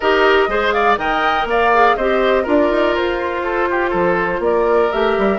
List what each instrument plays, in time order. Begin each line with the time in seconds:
0.00 bassoon D#4, clarinet G4, oboe A#4, flute D#5
0.48 bassoon G#3, clarinet G#4, oboe C5
0.72 oboe D5, flute F5
0.97 bassoon D#3, clarinet A#4, oboe D#5, flute G5
1.44 bassoon A#3, oboe D5
1.50 flute F5
1.73 clarinet G#4
1.96 bassoon C4, clarinet G4, oboe C5, flute D#5
2.43 bassoon D4, clarinet F4, oboe A#4
2.49 flute D5
2.70 bassoon D#4
2.96 bassoon F4, flute C5
3.43 oboe A4
3.70 oboe G4
3.90 bassoon F3, oboe A4
4.39 bassoon A#3, flute D5
4.46 oboe A#4
4.92 bassoon A3, clarinet G4, flute E5
5.18 bassoon G3